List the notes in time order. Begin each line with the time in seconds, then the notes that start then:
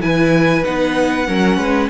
0.00 E3 E4 B4 G#5
0.64 B3 D#4 F#5
1.27 F#3 C#4 A#4
1.57 G#3 B4